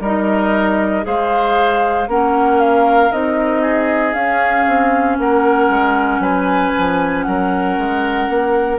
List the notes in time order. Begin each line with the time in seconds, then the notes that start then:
0.00 G3 D#4 A#4 D#5
1.03 G#3 G#4 C5 F5
2.07 A#3 C#4 A#4 F#5
2.60 F5
3.11 C4 D#4 D#5
3.62 G#4
4.14 C#4 F5
4.67 C4
5.18 A#3 A#4 F#5
5.69 G#3
6.19 F#3 B4 G#5
6.78 F3
7.22 F#3 A#4 F#5
7.78 G#3
8.28 A#3